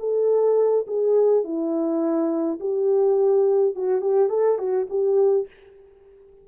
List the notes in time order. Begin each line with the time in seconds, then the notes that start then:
0.00 A4
0.88 G#4
1.44 E4
2.61 G4
3.76 F#4
4.02 G4
4.30 A4
4.59 F#4
4.90 G4